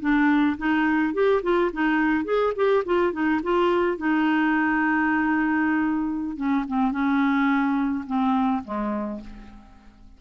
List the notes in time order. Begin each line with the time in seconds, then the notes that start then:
0.00 D4
0.57 D#4
1.13 G4
1.42 F4
1.73 D#4
2.24 G#4
2.55 G4
2.85 F4
3.12 D#4
3.43 F4
3.97 D#4
6.36 C#4
6.67 C4
6.91 C#4
8.06 C4
8.64 G#3